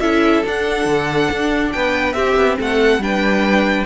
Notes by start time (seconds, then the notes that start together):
0.00 C#4 E4 A4 E5
0.44 D4 F#5
0.85 D3
1.31 D4
1.72 B3 B4 G5
2.12 C4 G4 E5
2.36 B3
2.58 A3 A4 F#5
2.97 G3 D4 B4 G5